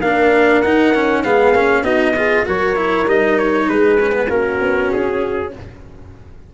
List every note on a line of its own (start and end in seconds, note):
0.00 0.61 A#3
0.00 0.64 D4
0.00 1.23 A#4
0.00 0.61 F5
0.61 1.24 D#4
0.61 0.94 D#4
0.61 1.22 F#5
0.94 1.24 C#4
1.23 1.52 G#3
1.23 1.54 B3
1.23 1.82 G#4
1.23 1.84 F5
1.52 1.82 A#3
1.52 1.83 C#4
1.82 2.44 B3
1.82 2.14 D#4
1.82 2.13 F#4
1.82 2.45 D#5
2.16 2.45 F4
2.16 2.45 G#4
2.45 3.05 F#3
2.45 2.76 F#4
2.45 3.68 A#4
2.45 3.08 C#5
2.76 3.06 E4
3.05 3.66 G3
3.05 3.99 D#4
3.05 3.38 D#5
3.38 3.69 C#5
3.68 4.29 G#3
3.68 4.30 G#4
3.68 4.30 B4
4.00 4.11 C#4
4.11 4.27 B3
4.29 4.60 A#3
4.29 5.51 C#4
4.29 5.52 F#4
4.29 4.91 A#4
4.61 4.91 B3
4.91 5.54 C#4
4.91 5.53 G#4